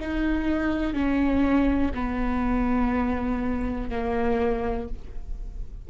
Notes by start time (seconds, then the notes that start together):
0.00 D#4
0.93 C#4
1.94 B3
3.90 A#3